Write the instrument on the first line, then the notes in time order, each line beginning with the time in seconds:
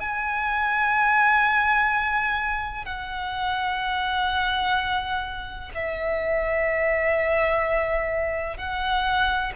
violin
0.00 G#5
2.85 F#5
5.74 E5
8.58 F#5